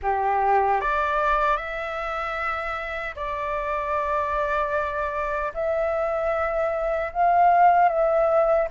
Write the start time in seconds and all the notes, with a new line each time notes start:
0.02 G4
0.80 D5
1.56 E5
3.15 D5
5.54 E5
7.12 F5
7.88 E5